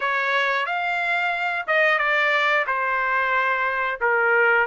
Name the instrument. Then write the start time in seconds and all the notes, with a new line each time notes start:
trumpet
0.00 C#5
0.65 F5
1.67 D#5
1.98 D5
2.66 C5
4.00 A#4